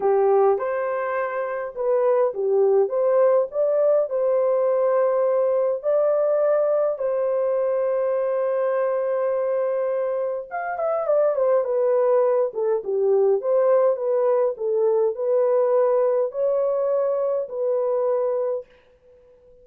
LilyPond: \new Staff \with { instrumentName = "horn" } { \time 4/4 \tempo 4 = 103 g'4 c''2 b'4 | g'4 c''4 d''4 c''4~ | c''2 d''2 | c''1~ |
c''2 f''8 e''8 d''8 c''8 | b'4. a'8 g'4 c''4 | b'4 a'4 b'2 | cis''2 b'2 | }